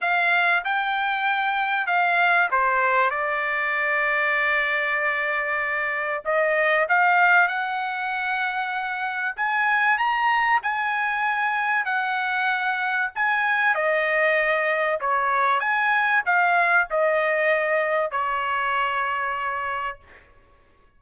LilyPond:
\new Staff \with { instrumentName = "trumpet" } { \time 4/4 \tempo 4 = 96 f''4 g''2 f''4 | c''4 d''2.~ | d''2 dis''4 f''4 | fis''2. gis''4 |
ais''4 gis''2 fis''4~ | fis''4 gis''4 dis''2 | cis''4 gis''4 f''4 dis''4~ | dis''4 cis''2. | }